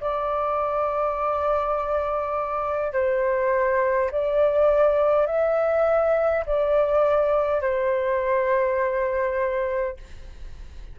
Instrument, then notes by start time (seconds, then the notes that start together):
flute
0.00 D5
2.93 C5
4.11 D5
5.26 E5
6.46 D5
7.61 C5